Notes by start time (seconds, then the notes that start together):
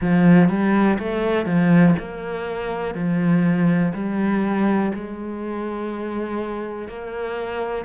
0.00 F3
0.49 G3
0.98 A3
1.45 F3
1.99 A#3
2.94 F3
3.93 G3
4.94 G#3
6.88 A#3